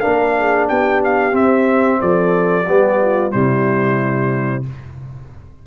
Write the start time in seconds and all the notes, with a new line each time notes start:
0.00 D4 A#4 F5
0.06 A#3
0.39 G#4
0.68 B3 G4 G5
1.04 F5
1.32 C4 E5
2.01 F3 A4 D5
2.67 G3 B3 G4
3.01 F4
3.31 C3 G3 E4 C5